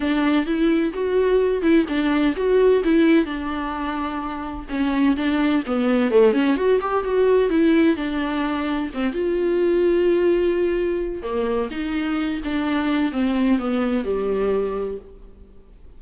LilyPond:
\new Staff \with { instrumentName = "viola" } { \time 4/4 \tempo 4 = 128 d'4 e'4 fis'4. e'8 | d'4 fis'4 e'4 d'4~ | d'2 cis'4 d'4 | b4 a8 cis'8 fis'8 g'8 fis'4 |
e'4 d'2 c'8 f'8~ | f'1 | ais4 dis'4. d'4. | c'4 b4 g2 | }